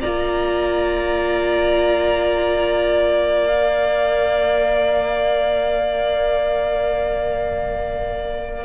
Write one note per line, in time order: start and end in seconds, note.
0.00 8.65 A#3
0.00 3.46 F4
0.00 8.65 D5
0.00 3.47 A#5
3.46 8.65 A#4
3.46 8.65 F5